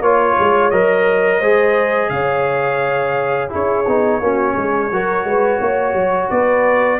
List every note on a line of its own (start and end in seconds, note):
0.00 0.35 A#3
0.00 0.72 F4
0.00 0.70 C#5
0.00 1.39 C#5
0.39 0.71 G#3
0.70 1.41 F#3
0.70 1.42 A#4
0.70 2.09 D#5
1.39 2.10 G#3
1.39 3.49 G#4
1.39 2.09 C5
2.09 3.49 C#3
2.09 3.50 C#5
2.09 3.49 F5
3.49 3.86 C#4
3.49 3.84 E4
3.49 4.20 G#4
3.49 6.30 C#5
3.86 4.20 B3
3.86 4.21 D#4
4.20 4.55 A#3
4.20 4.91 C#4
4.20 4.53 F#4
4.53 4.91 G#3
4.53 4.88 G#4
4.91 5.24 F#3
4.91 6.99 F#4
4.91 5.26 A#4
5.24 5.59 G#3
5.24 5.61 B4
5.60 5.93 A#3
5.60 6.30 C#5
5.93 6.28 F#3
6.30 6.99 B3
6.30 6.99 B4
6.30 6.99 D5